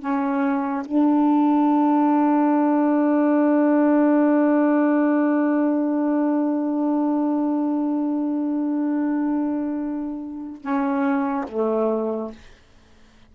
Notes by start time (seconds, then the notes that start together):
0.00 C#4
0.85 D4
10.61 C#4
11.48 A3